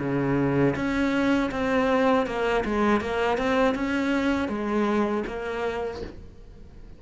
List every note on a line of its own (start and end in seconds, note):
0.00 0.75 C#3
0.76 1.51 C#4
1.52 2.27 C4
2.27 2.64 A#3
2.65 3.01 G#3
3.01 3.38 A#3
3.38 3.75 C4
3.75 4.49 C#4
4.49 5.24 G#3
5.27 6.02 A#3